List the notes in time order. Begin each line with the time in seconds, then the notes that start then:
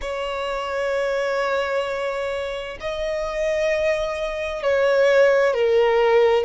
0.01 C#5
2.80 D#5
4.62 C#5
5.53 A#4